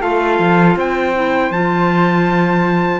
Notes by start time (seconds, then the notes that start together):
0.00 A3 F4 A4 F5
0.39 F3
0.76 C4 C5 G5
1.14 E4
1.50 F3 F4 A5